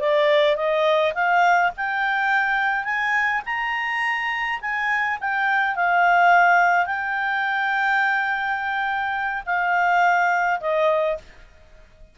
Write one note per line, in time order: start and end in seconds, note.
0.00 0.56 D5
0.56 1.13 D#5
1.14 1.71 F5
1.77 2.84 G5
2.84 3.41 G#5
3.45 4.60 A#5
4.61 5.18 G#5
5.20 5.76 G5
5.76 6.86 F5
6.86 9.43 G5
9.46 10.60 F5
10.60 11.17 D#5